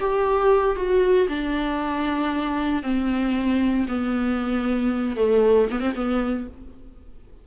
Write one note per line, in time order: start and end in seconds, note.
0.00 0.76 G4
0.76 1.28 F#4
1.28 2.83 D4
2.83 3.87 C4
3.88 5.16 B3
5.16 5.68 A3
5.71 5.80 B3
5.80 5.93 C4
5.95 6.47 B3